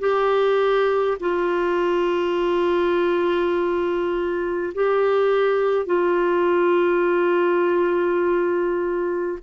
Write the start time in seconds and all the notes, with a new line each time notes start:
0.00 G4
1.20 F4
4.75 G4
5.86 F4